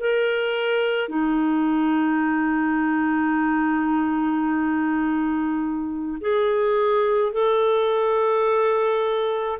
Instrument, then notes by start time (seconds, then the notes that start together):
clarinet
0.00 A#4
1.09 D#4
6.21 G#4
7.33 A4